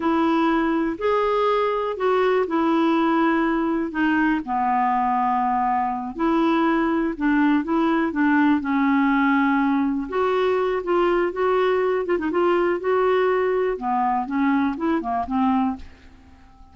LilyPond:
\new Staff \with { instrumentName = "clarinet" } { \time 4/4 \tempo 4 = 122 e'2 gis'2 | fis'4 e'2. | dis'4 b2.~ | b8 e'2 d'4 e'8~ |
e'8 d'4 cis'2~ cis'8~ | cis'8 fis'4. f'4 fis'4~ | fis'8 f'16 dis'16 f'4 fis'2 | b4 cis'4 e'8 ais8 c'4 | }